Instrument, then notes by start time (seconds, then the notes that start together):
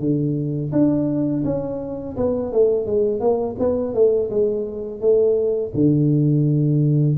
tuba
0.00 D3
0.72 D4
1.45 C#4
2.17 B3
2.52 A3
2.86 G#3
3.20 A#3
3.59 B3
3.94 A3
4.31 G#3
5.01 A3
5.74 D3